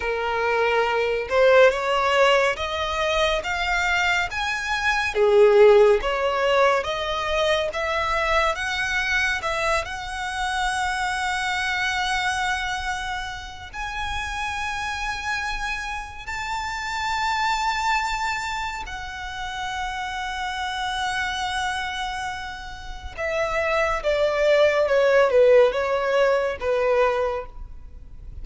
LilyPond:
\new Staff \with { instrumentName = "violin" } { \time 4/4 \tempo 4 = 70 ais'4. c''8 cis''4 dis''4 | f''4 gis''4 gis'4 cis''4 | dis''4 e''4 fis''4 e''8 fis''8~ | fis''1 |
gis''2. a''4~ | a''2 fis''2~ | fis''2. e''4 | d''4 cis''8 b'8 cis''4 b'4 | }